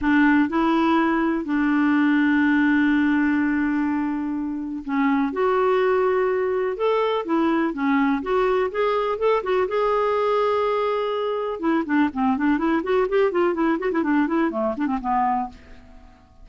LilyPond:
\new Staff \with { instrumentName = "clarinet" } { \time 4/4 \tempo 4 = 124 d'4 e'2 d'4~ | d'1~ | d'2 cis'4 fis'4~ | fis'2 a'4 e'4 |
cis'4 fis'4 gis'4 a'8 fis'8 | gis'1 | e'8 d'8 c'8 d'8 e'8 fis'8 g'8 f'8 | e'8 fis'16 e'16 d'8 e'8 a8 d'16 c'16 b4 | }